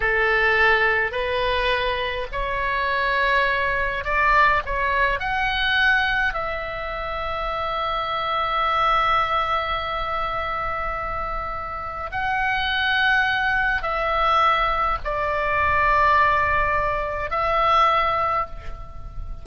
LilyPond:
\new Staff \with { instrumentName = "oboe" } { \time 4/4 \tempo 4 = 104 a'2 b'2 | cis''2. d''4 | cis''4 fis''2 e''4~ | e''1~ |
e''1~ | e''4 fis''2. | e''2 d''2~ | d''2 e''2 | }